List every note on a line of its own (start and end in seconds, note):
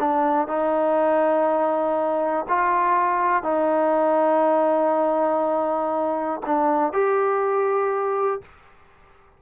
0.00 0.48 D4
0.48 2.46 D#4
2.49 3.43 F4
3.43 6.41 D#4
6.46 6.93 D4
6.93 8.42 G4